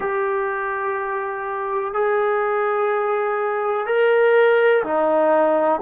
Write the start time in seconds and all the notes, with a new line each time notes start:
0.00 G4
1.94 G#4
3.86 A#4
4.83 D#4